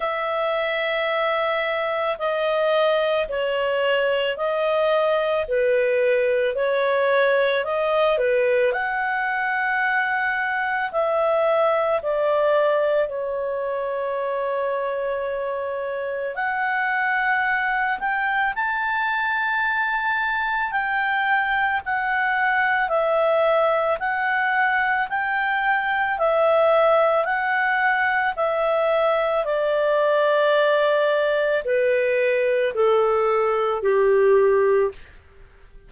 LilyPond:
\new Staff \with { instrumentName = "clarinet" } { \time 4/4 \tempo 4 = 55 e''2 dis''4 cis''4 | dis''4 b'4 cis''4 dis''8 b'8 | fis''2 e''4 d''4 | cis''2. fis''4~ |
fis''8 g''8 a''2 g''4 | fis''4 e''4 fis''4 g''4 | e''4 fis''4 e''4 d''4~ | d''4 b'4 a'4 g'4 | }